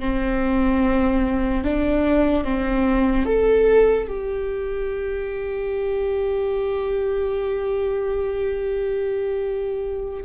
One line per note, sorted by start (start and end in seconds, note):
0.00 1.64 C4
1.64 2.44 D4
2.44 3.26 C4
3.26 4.08 A4
4.08 10.24 G4